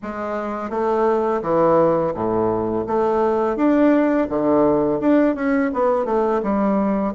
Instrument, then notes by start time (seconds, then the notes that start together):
bassoon
0.02 G#3
0.70 A3
1.42 E3
2.14 A2
2.86 A3
3.56 D4
4.29 D3
5.00 D4
5.35 C#4
5.73 B3
6.05 A3
6.42 G3